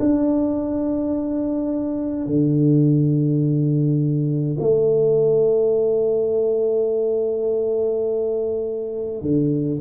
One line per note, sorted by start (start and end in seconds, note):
0.00 2.26 D4
2.26 4.57 D3
4.60 9.22 A3
9.22 9.79 D3